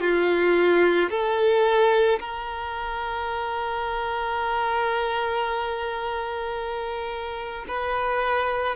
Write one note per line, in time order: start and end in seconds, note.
0.00 1.09 F4
1.10 2.19 A4
2.19 7.65 A#4
7.68 8.75 B4